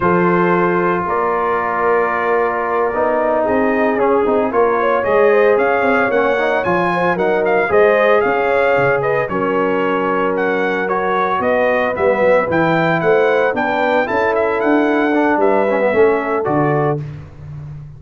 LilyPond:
<<
  \new Staff \with { instrumentName = "trumpet" } { \time 4/4 \tempo 4 = 113 c''2 d''2~ | d''2~ d''8 dis''4 gis'8~ | gis'8 cis''4 dis''4 f''4 fis''8~ | fis''8 gis''4 fis''8 f''8 dis''4 f''8~ |
f''4 dis''8 cis''2 fis''8~ | fis''8 cis''4 dis''4 e''4 g''8~ | g''8 fis''4 g''4 a''8 e''8 fis''8~ | fis''4 e''2 d''4 | }
  \new Staff \with { instrumentName = "horn" } { \time 4/4 a'2 ais'2~ | ais'2~ ais'8 gis'4.~ | gis'8 ais'8 cis''4 c''8 cis''4.~ | cis''4 c''8 ais'4 c''4 cis''8~ |
cis''4 b'8 ais'2~ ais'8~ | ais'4. b'2~ b'8~ | b'8 c''4 b'4 a'4.~ | a'4 b'4 a'2 | }
  \new Staff \with { instrumentName = "trombone" } { \time 4/4 f'1~ | f'4. dis'2 cis'8 | dis'8 f'4 gis'2 cis'8 | dis'8 f'4 dis'4 gis'4.~ |
gis'4. cis'2~ cis'8~ | cis'8 fis'2 b4 e'8~ | e'4. d'4 e'4.~ | e'8 d'4 cis'16 b16 cis'4 fis'4 | }
  \new Staff \with { instrumentName = "tuba" } { \time 4/4 f2 ais2~ | ais4. b4 c'4 cis'8 | c'8 ais4 gis4 cis'8 c'8 ais8~ | ais8 f4 fis4 gis4 cis'8~ |
cis'8 cis4 fis2~ fis8~ | fis4. b4 g8 fis8 e8~ | e8 a4 b4 cis'4 d'8~ | d'4 g4 a4 d4 | }
>>